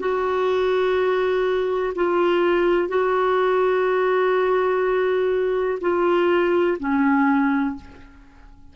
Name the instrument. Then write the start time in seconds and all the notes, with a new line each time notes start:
clarinet
0.00 F#4
1.95 F4
2.89 F#4
5.81 F4
6.79 C#4